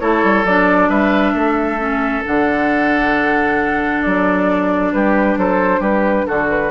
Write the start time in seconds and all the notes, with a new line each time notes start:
0.00 A3 E4 A4 C#5
0.24 G3
0.45 F#3 D4 D5
0.90 G3 B4 E5
1.34 A3 A4
1.79 C#4
2.25 D3 D4 F#5
4.03 F#3 D5
4.93 G3 G4 B4
5.37 F#3 A4 C5
5.80 G3 G4 B4
6.27 D3 F#4 A4
6.50 B4